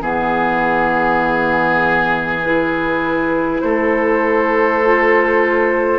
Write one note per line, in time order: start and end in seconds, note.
0.00 3.60 E3
0.00 2.41 B3
0.00 3.62 G#4
0.00 2.42 G#4
2.44 4.84 E4
2.44 3.60 B4
3.60 5.99 A3
3.60 5.99 A4
3.60 5.99 C5
4.84 5.99 F4